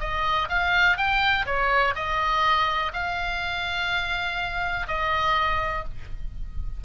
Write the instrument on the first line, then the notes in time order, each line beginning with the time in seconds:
oboe
0.00 D#5
0.49 F5
0.97 G5
1.46 C#5
1.95 D#5
2.93 F5
4.87 D#5